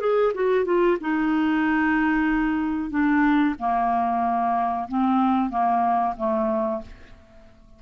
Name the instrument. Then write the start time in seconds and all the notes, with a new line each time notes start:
clarinet
0.00 G#4
0.34 F#4
0.65 F4
1.00 D#4
2.90 D4
3.58 A#3
4.88 C4
5.49 A#3
6.17 A3